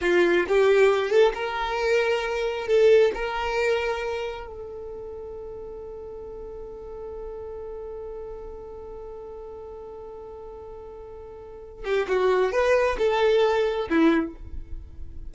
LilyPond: \new Staff \with { instrumentName = "violin" } { \time 4/4 \tempo 4 = 134 f'4 g'4. a'8 ais'4~ | ais'2 a'4 ais'4~ | ais'2 a'2~ | a'1~ |
a'1~ | a'1~ | a'2~ a'8 g'8 fis'4 | b'4 a'2 e'4 | }